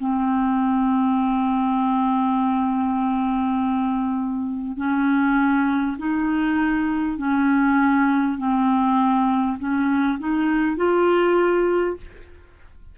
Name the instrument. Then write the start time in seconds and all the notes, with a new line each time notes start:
clarinet
0.00 C4
4.77 C#4
5.97 D#4
7.17 C#4
8.38 C4
9.58 C#4
10.19 D#4
10.77 F4